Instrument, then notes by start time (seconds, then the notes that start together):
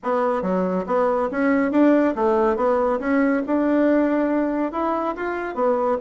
bassoon
0.03 B3
0.42 F#3
0.86 B3
1.31 C#4
1.71 D4
2.15 A3
2.56 B3
2.99 C#4
3.46 D4
4.72 E4
5.15 F4
5.54 B3